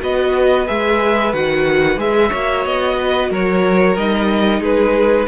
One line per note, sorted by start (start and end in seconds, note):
0.00 0.68 B3
0.00 0.66 F#4
0.00 2.29 B4
0.00 0.67 D#5
0.67 1.33 G#3
0.67 1.33 G#4
0.67 1.33 E5
1.33 1.97 D#3
1.33 1.98 F#4
1.33 1.99 F#5
1.97 2.30 G#3
1.97 2.31 G#4
1.97 2.66 E5
2.29 2.65 A#3
2.29 3.97 F#4
2.29 2.95 C#5
2.65 3.30 B3
2.65 3.31 D#5
2.98 3.31 B4
3.30 3.96 F#3
3.30 4.60 A#4
3.30 3.97 C#5
3.97 4.61 G3
3.97 5.28 D#4
3.97 4.63 D#5
4.60 5.27 G#3
4.60 5.26 G#4
4.60 5.28 B4